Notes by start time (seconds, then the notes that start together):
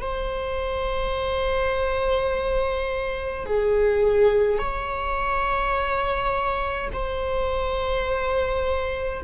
0.00 C5
3.46 G#4
4.58 C#5
6.93 C5